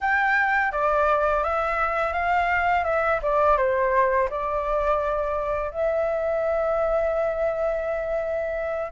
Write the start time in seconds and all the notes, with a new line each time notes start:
0.00 G5
0.71 D5
1.43 E5
2.13 F5
2.84 E5
3.22 D5
3.57 C5
4.30 D5
5.70 E5